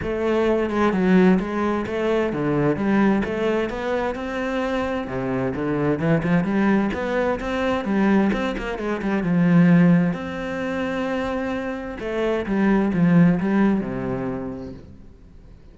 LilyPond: \new Staff \with { instrumentName = "cello" } { \time 4/4 \tempo 4 = 130 a4. gis8 fis4 gis4 | a4 d4 g4 a4 | b4 c'2 c4 | d4 e8 f8 g4 b4 |
c'4 g4 c'8 ais8 gis8 g8 | f2 c'2~ | c'2 a4 g4 | f4 g4 c2 | }